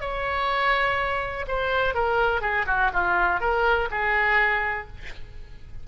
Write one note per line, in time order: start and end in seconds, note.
0.00 1.45 C#5
1.48 1.94 C5
1.94 2.41 A#4
2.41 2.65 G#4
2.66 2.91 F#4
2.93 3.40 F4
3.40 3.89 A#4
3.91 4.87 G#4